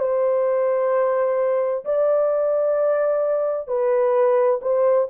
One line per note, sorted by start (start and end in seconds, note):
0.00 1.85 C5
1.85 3.68 D5
3.68 4.60 B4
4.62 5.08 C5